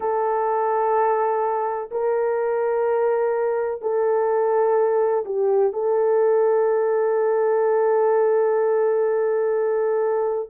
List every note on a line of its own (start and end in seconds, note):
0.00 1.90 A4
1.90 3.81 A#4
3.81 5.24 A4
5.25 5.72 G4
5.72 10.48 A4